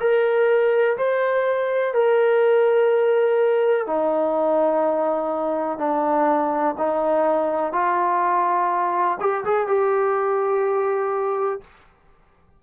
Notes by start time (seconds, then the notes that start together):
0.00 A#4
0.97 C5
1.94 A#4
3.86 D#4
5.78 D4
6.77 D#4
7.72 F4
9.20 G4
9.44 G#4
9.67 G4